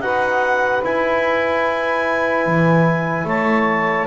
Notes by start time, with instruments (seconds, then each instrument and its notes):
0.00 double bass D#4, trombone F#4, saxophone B4, clarinet F#5
0.84 trombone E4, double bass E4, clarinet G#5
2.47 double bass E3
3.25 double bass A3, saxophone C#5, clarinet A5